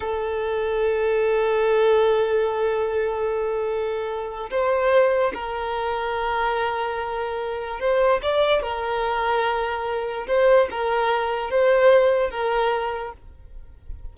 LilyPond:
\new Staff \with { instrumentName = "violin" } { \time 4/4 \tempo 4 = 146 a'1~ | a'1~ | a'2. c''4~ | c''4 ais'2.~ |
ais'2. c''4 | d''4 ais'2.~ | ais'4 c''4 ais'2 | c''2 ais'2 | }